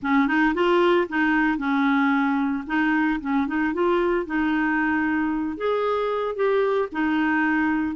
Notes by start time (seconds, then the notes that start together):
0.02 C#4
0.27 D#4
0.54 F4
1.08 D#4
1.57 C#4
2.66 D#4
3.21 C#4
3.47 D#4
3.73 F4
4.26 D#4
5.57 G#4
6.35 G4
6.91 D#4